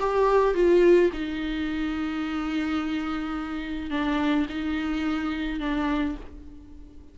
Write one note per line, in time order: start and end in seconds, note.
0.00 0.54 G4
0.54 1.10 F4
1.13 3.90 D#4
3.90 4.47 D4
4.49 5.59 D#4
5.59 6.16 D4